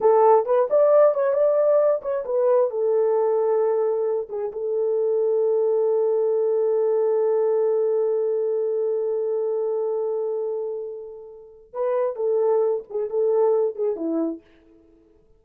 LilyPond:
\new Staff \with { instrumentName = "horn" } { \time 4/4 \tempo 4 = 133 a'4 b'8 d''4 cis''8 d''4~ | d''8 cis''8 b'4 a'2~ | a'4. gis'8 a'2~ | a'1~ |
a'1~ | a'1~ | a'2 b'4 a'4~ | a'8 gis'8 a'4. gis'8 e'4 | }